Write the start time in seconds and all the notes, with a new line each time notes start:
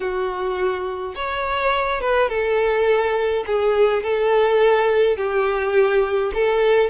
0.00 F#4
1.15 C#5
2.00 B4
2.28 A4
3.46 G#4
4.03 A4
5.16 G4
6.33 A4